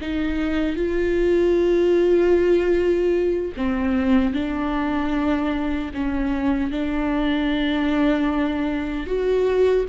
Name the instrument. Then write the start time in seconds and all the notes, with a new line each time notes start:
viola
0.00 D#4
0.76 F4
3.56 C4
4.33 D4
5.94 C#4
6.71 D4
9.06 F#4